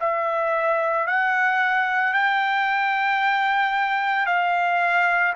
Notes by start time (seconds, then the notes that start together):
0.00 E5
1.07 F#5
2.14 G5
4.26 F5